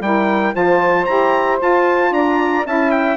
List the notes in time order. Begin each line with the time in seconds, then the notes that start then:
0.00 G3 E4 A#4 G5
0.52 F3 F4 C5 A5
1.05 E4 G4 A#5
1.58 F4 A5
2.11 D4 D5 A#5
2.65 C#4 E4 E5 A5
2.91 G5